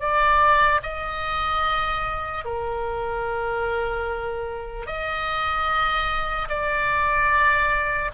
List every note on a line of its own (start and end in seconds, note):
0.00 0.81 D5
0.83 2.45 D#5
2.45 4.86 A#4
4.86 6.49 D#5
6.49 8.11 D5